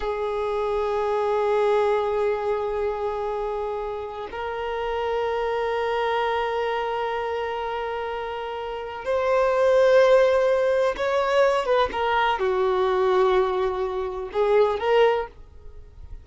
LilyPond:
\new Staff \with { instrumentName = "violin" } { \time 4/4 \tempo 4 = 126 gis'1~ | gis'1~ | gis'4 ais'2.~ | ais'1~ |
ais'2. c''4~ | c''2. cis''4~ | cis''8 b'8 ais'4 fis'2~ | fis'2 gis'4 ais'4 | }